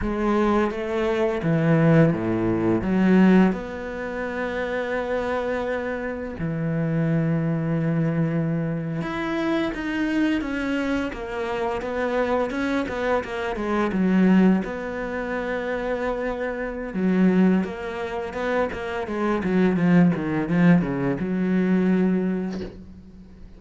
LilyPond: \new Staff \with { instrumentName = "cello" } { \time 4/4 \tempo 4 = 85 gis4 a4 e4 a,4 | fis4 b2.~ | b4 e2.~ | e8. e'4 dis'4 cis'4 ais16~ |
ais8. b4 cis'8 b8 ais8 gis8 fis16~ | fis8. b2.~ b16 | fis4 ais4 b8 ais8 gis8 fis8 | f8 dis8 f8 cis8 fis2 | }